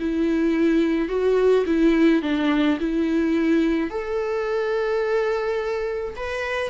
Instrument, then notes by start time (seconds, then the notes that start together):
viola
0.00 E4
1.09 F#4
1.66 E4
2.22 D4
2.80 E4
3.90 A4
6.16 B4